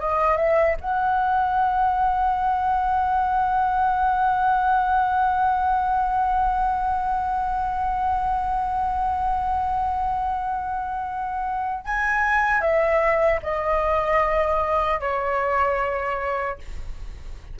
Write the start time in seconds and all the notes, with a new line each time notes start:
0.00 D#5
0.37 E5
0.81 F#5
11.85 G#5
12.61 E5
13.43 D#5
15.00 C#5